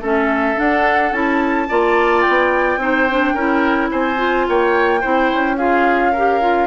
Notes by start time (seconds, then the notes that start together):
0.00 A3 C#4 A4 E5
0.56 D4 F#5
1.11 C#4 E4 A5
1.68 A#3 F4 D5
2.21 G5
2.28 B3
2.77 C4 D#4 C5
3.09 D4
3.34 C#4 E4 A#4
3.90 C4 C5 G#5
4.16 F4
4.48 A#3 C#5 G5
5.00 C4 E4 C5
5.32 C#4
5.57 F4 G#4 F5
6.12 G4 A#4
6.41 F4